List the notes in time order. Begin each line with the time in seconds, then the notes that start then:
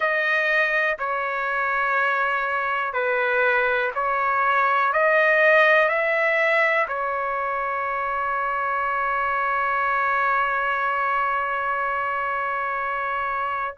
0.00 D#5
0.98 C#5
2.93 B4
3.94 C#5
4.92 D#5
5.88 E5
6.88 C#5